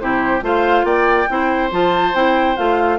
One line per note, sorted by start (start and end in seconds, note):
0.00 0.42 C3
0.00 0.42 E4
0.00 0.44 G4
0.00 0.43 C5
0.42 0.84 A3
0.42 1.27 F4
0.42 0.86 C5
0.42 0.85 F5
0.84 1.27 A#3
0.84 1.28 D5
0.84 1.71 G5
1.29 1.72 C4
1.29 1.71 E4
1.29 2.98 C5
1.71 2.14 F3
1.71 2.14 F4
1.71 2.15 A5
2.14 2.57 C4
2.14 2.57 E4
2.14 2.57 G5
2.57 2.98 A3
2.57 2.98 F4
2.57 2.98 F5